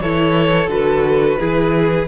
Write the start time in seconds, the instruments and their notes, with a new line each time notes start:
0.00 cello E3, viola E4, violin A4 C#5
0.67 cello D3, viola F#4, violin B4
1.39 cello E3, viola E4, violin G#4